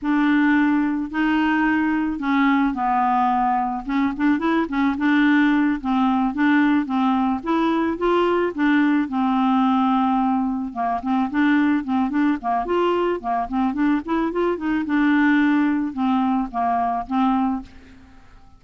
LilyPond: \new Staff \with { instrumentName = "clarinet" } { \time 4/4 \tempo 4 = 109 d'2 dis'2 | cis'4 b2 cis'8 d'8 | e'8 cis'8 d'4. c'4 d'8~ | d'8 c'4 e'4 f'4 d'8~ |
d'8 c'2. ais8 | c'8 d'4 c'8 d'8 ais8 f'4 | ais8 c'8 d'8 e'8 f'8 dis'8 d'4~ | d'4 c'4 ais4 c'4 | }